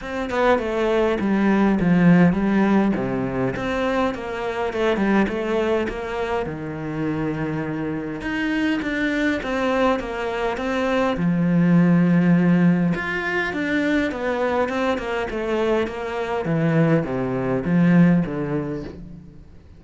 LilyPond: \new Staff \with { instrumentName = "cello" } { \time 4/4 \tempo 4 = 102 c'8 b8 a4 g4 f4 | g4 c4 c'4 ais4 | a8 g8 a4 ais4 dis4~ | dis2 dis'4 d'4 |
c'4 ais4 c'4 f4~ | f2 f'4 d'4 | b4 c'8 ais8 a4 ais4 | e4 c4 f4 d4 | }